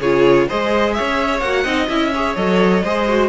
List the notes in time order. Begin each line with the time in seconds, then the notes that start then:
0.00 C#3 F4 G#4 C#5
0.48 G#3 G#4 C5 D#5
0.93 C#5 E5
1.00 C#4
1.40 A#3 F#4 F#5
1.64 C4 D#4 D#5
1.89 C#4 E4 E5
2.15 G#4 C#5
2.35 F#3 A4 D#5
2.84 G#3 G#4 C5
3.08 F#4